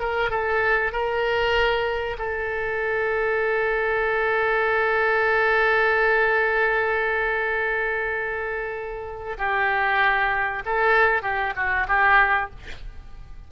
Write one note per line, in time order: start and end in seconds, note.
0.00 0.30 A#4
0.30 0.92 A4
0.92 2.17 A#4
2.18 9.37 A4
9.38 10.63 G4
10.66 11.23 A4
11.23 11.54 G4
11.56 11.88 F#4
11.88 12.51 G4